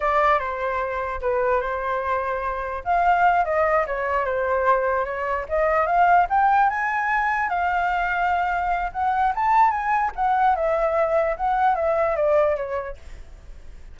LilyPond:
\new Staff \with { instrumentName = "flute" } { \time 4/4 \tempo 4 = 148 d''4 c''2 b'4 | c''2. f''4~ | f''8 dis''4 cis''4 c''4.~ | c''8 cis''4 dis''4 f''4 g''8~ |
g''8 gis''2 f''4.~ | f''2 fis''4 a''4 | gis''4 fis''4 e''2 | fis''4 e''4 d''4 cis''4 | }